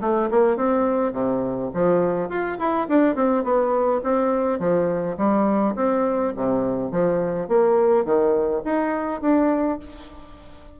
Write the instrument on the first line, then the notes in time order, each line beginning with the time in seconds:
bassoon
0.00 A3
0.30 A#3
0.56 C4
1.12 C3
1.74 F3
2.28 F4
2.58 E4
2.88 D4
3.15 C4
3.43 B3
4.03 C4
4.59 F3
5.17 G3
5.75 C4
6.36 C3
6.91 F3
7.48 A#3
8.05 D#3
8.64 D#4
9.21 D4